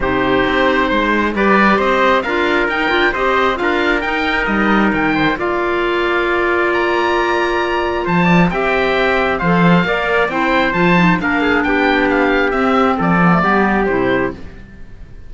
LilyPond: <<
  \new Staff \with { instrumentName = "oboe" } { \time 4/4 \tempo 4 = 134 c''2. d''4 | dis''4 f''4 g''4 dis''4 | f''4 g''4 dis''4 g''4 | f''2. ais''4~ |
ais''2 a''4 g''4~ | g''4 f''2 g''4 | a''4 f''4 g''4 f''4 | e''4 d''2 c''4 | }
  \new Staff \with { instrumentName = "trumpet" } { \time 4/4 g'2 c''4 b'4 | c''4 ais'2 c''4 | ais'2.~ ais'8 c''8 | d''1~ |
d''2 c''8 d''8 e''4~ | e''4 c''4 d''4 c''4~ | c''4 ais'8 gis'8 g'2~ | g'4 a'4 g'2 | }
  \new Staff \with { instrumentName = "clarinet" } { \time 4/4 dis'2. g'4~ | g'4 f'4 dis'8 f'8 g'4 | f'4 dis'2. | f'1~ |
f'2. g'4~ | g'4 a'4 ais'4 e'4 | f'8 dis'8 d'2. | c'4. b16 a16 b4 e'4 | }
  \new Staff \with { instrumentName = "cello" } { \time 4/4 c4 c'4 gis4 g4 | c'4 d'4 dis'8 d'8 c'4 | d'4 dis'4 g4 dis4 | ais1~ |
ais2 f4 c'4~ | c'4 f4 ais4 c'4 | f4 ais4 b2 | c'4 f4 g4 c4 | }
>>